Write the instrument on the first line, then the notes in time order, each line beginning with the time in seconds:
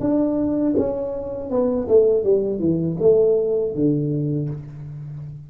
tuba
0.00 D4
0.77 C#4
1.50 B3
1.88 A3
2.23 G3
2.59 E3
2.99 A3
3.74 D3